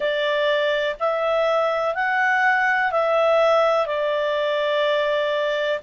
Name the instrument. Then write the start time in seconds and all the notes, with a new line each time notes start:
clarinet
0.00 D5
0.99 E5
1.94 F#5
2.91 E5
3.86 D5